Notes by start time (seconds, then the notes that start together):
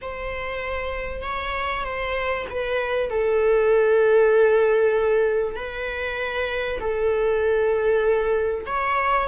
0.01 C5
1.22 C#5
1.84 C5
2.49 B4
3.10 A4
5.55 B4
6.80 A4
8.66 C#5